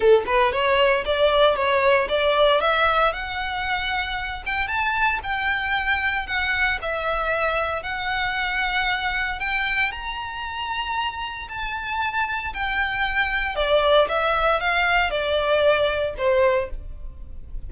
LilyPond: \new Staff \with { instrumentName = "violin" } { \time 4/4 \tempo 4 = 115 a'8 b'8 cis''4 d''4 cis''4 | d''4 e''4 fis''2~ | fis''8 g''8 a''4 g''2 | fis''4 e''2 fis''4~ |
fis''2 g''4 ais''4~ | ais''2 a''2 | g''2 d''4 e''4 | f''4 d''2 c''4 | }